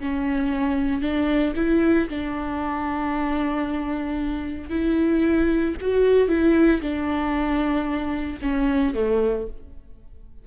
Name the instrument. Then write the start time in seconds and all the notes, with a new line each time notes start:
viola
0.00 C#4
1.01 D4
1.56 E4
2.09 D4
4.70 E4
5.81 F#4
6.28 E4
6.82 D4
8.42 C#4
8.94 A3